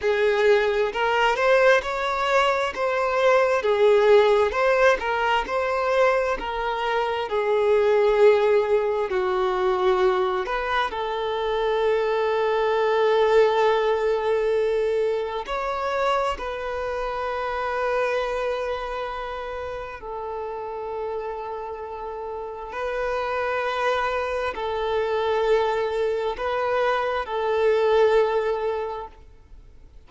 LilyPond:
\new Staff \with { instrumentName = "violin" } { \time 4/4 \tempo 4 = 66 gis'4 ais'8 c''8 cis''4 c''4 | gis'4 c''8 ais'8 c''4 ais'4 | gis'2 fis'4. b'8 | a'1~ |
a'4 cis''4 b'2~ | b'2 a'2~ | a'4 b'2 a'4~ | a'4 b'4 a'2 | }